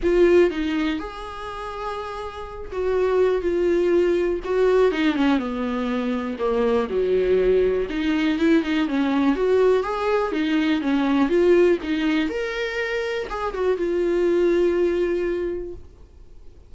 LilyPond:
\new Staff \with { instrumentName = "viola" } { \time 4/4 \tempo 4 = 122 f'4 dis'4 gis'2~ | gis'4. fis'4. f'4~ | f'4 fis'4 dis'8 cis'8 b4~ | b4 ais4 fis2 |
dis'4 e'8 dis'8 cis'4 fis'4 | gis'4 dis'4 cis'4 f'4 | dis'4 ais'2 gis'8 fis'8 | f'1 | }